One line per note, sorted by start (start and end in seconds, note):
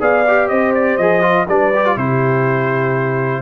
0.00 0.50 B3
0.00 0.25 G#4
0.00 0.49 D5
0.00 0.48 F5
0.27 1.01 G4
0.48 0.98 C4
0.48 1.47 C5
0.48 0.72 D#5
0.74 0.97 D5
0.97 1.47 F3
0.97 1.21 G#4
0.97 1.46 D#5
1.21 1.46 F4
1.48 1.96 G3
1.48 1.73 D4
1.48 1.98 B4
1.48 1.98 D5
1.75 1.85 G4
1.85 1.97 F4
1.96 3.42 C3
1.96 3.42 E4
1.96 3.42 G4
1.96 3.42 C5